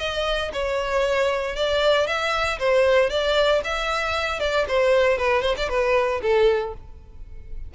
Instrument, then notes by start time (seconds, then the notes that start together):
violin
0.00 D#5
0.54 C#5
1.56 D5
2.07 E5
2.60 C5
3.10 D5
3.65 E5
4.40 D5
4.69 C5
5.18 B4
5.43 C5
5.57 D5
5.70 B4
6.23 A4